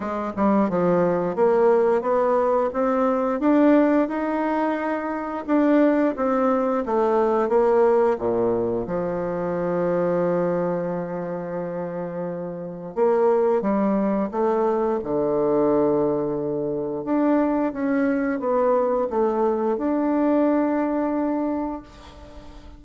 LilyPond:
\new Staff \with { instrumentName = "bassoon" } { \time 4/4 \tempo 4 = 88 gis8 g8 f4 ais4 b4 | c'4 d'4 dis'2 | d'4 c'4 a4 ais4 | ais,4 f2.~ |
f2. ais4 | g4 a4 d2~ | d4 d'4 cis'4 b4 | a4 d'2. | }